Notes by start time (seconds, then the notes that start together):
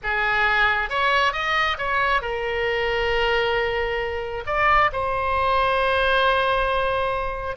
0.03 G#4
0.89 C#5
1.33 D#5
1.78 C#5
2.21 A#4
4.46 D5
4.92 C5